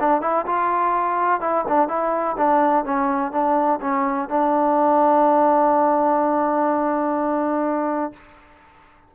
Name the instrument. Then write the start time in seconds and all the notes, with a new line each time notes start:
trombone
0.00 D4
0.22 E4
0.46 F4
1.41 E4
1.68 D4
1.88 E4
2.38 D4
2.85 C#4
3.32 D4
3.81 C#4
4.29 D4